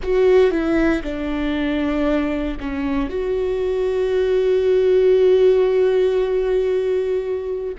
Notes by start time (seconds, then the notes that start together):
0.03 F#4
0.50 E4
1.03 D4
2.60 C#4
3.09 F#4